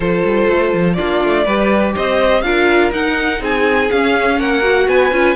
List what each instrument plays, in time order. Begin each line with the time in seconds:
0.00 cello F3, viola F4, violin A4 C5
0.24 cello G3
0.49 cello A3
0.73 cello F3
0.93 viola D4, violin F4 D5
0.99 cello A#3
1.24 cello A3
1.45 cello G3, viola G4, violin B4
1.94 cello C4, violin C5 D#5
2.41 cello D4, viola F4, violin A#4 F5
2.92 viola D#4, cello D#4, violin F#5
3.40 cello C4, violin G#4 G#5
3.91 cello C#4, viola C#4, violin F5
4.38 cello A#3, violin A#4 F#5
4.62 viola F#4
4.87 cello B3, violin B4 G#5
5.11 cello C#4, viola F4